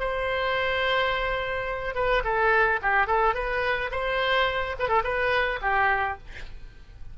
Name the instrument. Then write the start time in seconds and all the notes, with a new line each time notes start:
oboe
0.00 C5
1.95 B4
2.24 A4
2.82 G4
3.07 A4
3.35 B4
3.92 C5
4.79 B4
4.89 A4
5.04 B4
5.62 G4